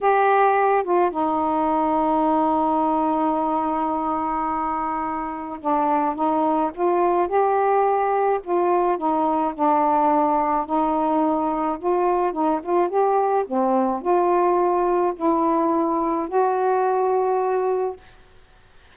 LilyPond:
\new Staff \with { instrumentName = "saxophone" } { \time 4/4 \tempo 4 = 107 g'4. f'8 dis'2~ | dis'1~ | dis'2 d'4 dis'4 | f'4 g'2 f'4 |
dis'4 d'2 dis'4~ | dis'4 f'4 dis'8 f'8 g'4 | c'4 f'2 e'4~ | e'4 fis'2. | }